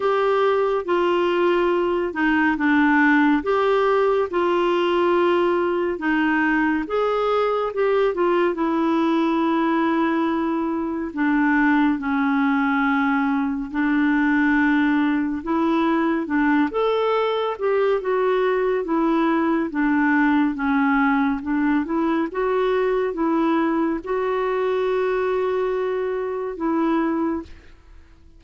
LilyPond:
\new Staff \with { instrumentName = "clarinet" } { \time 4/4 \tempo 4 = 70 g'4 f'4. dis'8 d'4 | g'4 f'2 dis'4 | gis'4 g'8 f'8 e'2~ | e'4 d'4 cis'2 |
d'2 e'4 d'8 a'8~ | a'8 g'8 fis'4 e'4 d'4 | cis'4 d'8 e'8 fis'4 e'4 | fis'2. e'4 | }